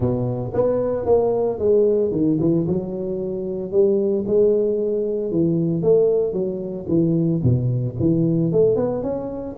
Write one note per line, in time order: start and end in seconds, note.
0.00 0.52 B2
0.53 1.05 B3
1.05 1.58 A#3
1.59 2.11 G#3
2.11 2.38 D#3
2.40 2.66 E3
2.67 3.71 F#3
3.71 4.24 G3
4.26 5.31 G#3
5.31 5.82 E3
5.82 6.32 A3
6.32 6.85 F#3
6.88 7.41 E3
7.43 7.96 B2
7.99 8.52 E3
8.52 8.76 A3
8.76 9.02 B3
9.02 9.56 C#4